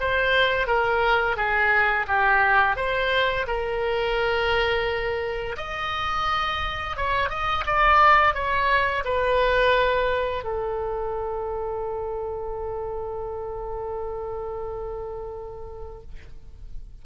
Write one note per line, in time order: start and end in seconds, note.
0.00 0.67 C5
0.67 1.36 A#4
1.36 2.06 G#4
2.07 2.76 G4
2.76 3.46 C5
3.47 5.56 A#4
5.57 6.96 D#5
6.96 7.29 C#5
7.29 7.64 D#5
7.66 8.34 D5
8.34 9.04 C#5
9.04 10.44 B4
10.44 16.02 A4